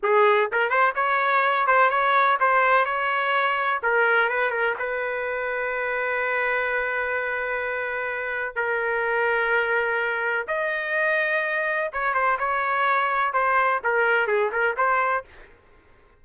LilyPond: \new Staff \with { instrumentName = "trumpet" } { \time 4/4 \tempo 4 = 126 gis'4 ais'8 c''8 cis''4. c''8 | cis''4 c''4 cis''2 | ais'4 b'8 ais'8 b'2~ | b'1~ |
b'2 ais'2~ | ais'2 dis''2~ | dis''4 cis''8 c''8 cis''2 | c''4 ais'4 gis'8 ais'8 c''4 | }